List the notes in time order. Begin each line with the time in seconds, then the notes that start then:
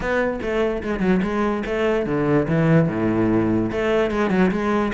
0.00 B3
0.41 A3
0.83 G#3
1.00 F#3
1.22 G#3
1.66 A3
2.05 D3
2.48 E3
2.88 A2
3.71 A3
4.10 G#3
4.30 F#3
4.51 G#3